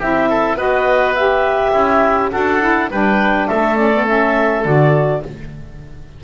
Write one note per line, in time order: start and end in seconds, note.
0.00 0.56 C4
0.00 0.57 E4
0.00 0.29 G4
0.00 0.58 E5
0.29 0.57 A4
0.56 1.72 B3
0.56 1.15 F#4
0.56 1.72 B4
0.56 1.14 D#5
1.14 2.31 G4
1.14 2.31 E5
1.72 2.32 C#4
1.72 2.31 E4
2.31 2.90 D4
2.31 2.60 F#4
2.31 2.91 A4
2.31 2.90 F#5
2.60 2.89 E4
2.90 3.49 G3
2.90 3.76 D4
2.90 3.48 B4
2.90 3.48 G5
3.48 4.65 A3
3.48 5.23 A4
3.48 3.76 E5
3.76 3.91 C#4
3.76 4.05 D5
3.93 4.06 B3
4.06 4.64 C#4
4.06 4.64 E5
4.64 5.24 D3
4.64 5.23 F#4
4.64 5.23 D5